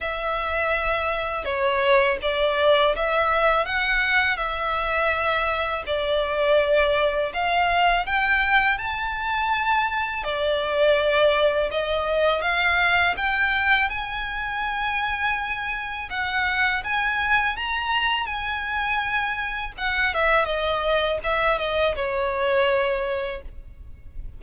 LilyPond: \new Staff \with { instrumentName = "violin" } { \time 4/4 \tempo 4 = 82 e''2 cis''4 d''4 | e''4 fis''4 e''2 | d''2 f''4 g''4 | a''2 d''2 |
dis''4 f''4 g''4 gis''4~ | gis''2 fis''4 gis''4 | ais''4 gis''2 fis''8 e''8 | dis''4 e''8 dis''8 cis''2 | }